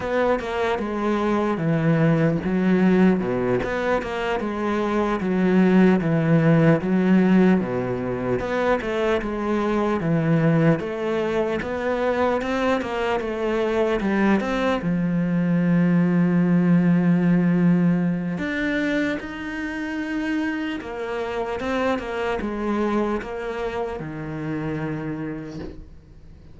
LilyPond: \new Staff \with { instrumentName = "cello" } { \time 4/4 \tempo 4 = 75 b8 ais8 gis4 e4 fis4 | b,8 b8 ais8 gis4 fis4 e8~ | e8 fis4 b,4 b8 a8 gis8~ | gis8 e4 a4 b4 c'8 |
ais8 a4 g8 c'8 f4.~ | f2. d'4 | dis'2 ais4 c'8 ais8 | gis4 ais4 dis2 | }